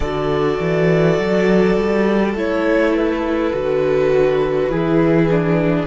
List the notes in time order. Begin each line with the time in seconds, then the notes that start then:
0.00 D3 F#4 A4 D5
0.59 E3
1.18 F#3
1.77 G3
2.35 A3 E4 C#5
2.94 B4
3.53 D3 F#4
4.70 E3 E4 G#4
5.30 D4